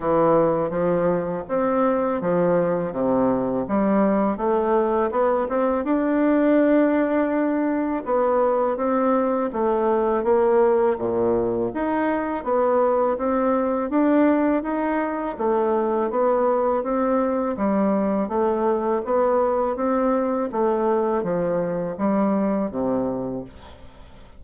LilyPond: \new Staff \with { instrumentName = "bassoon" } { \time 4/4 \tempo 4 = 82 e4 f4 c'4 f4 | c4 g4 a4 b8 c'8 | d'2. b4 | c'4 a4 ais4 ais,4 |
dis'4 b4 c'4 d'4 | dis'4 a4 b4 c'4 | g4 a4 b4 c'4 | a4 f4 g4 c4 | }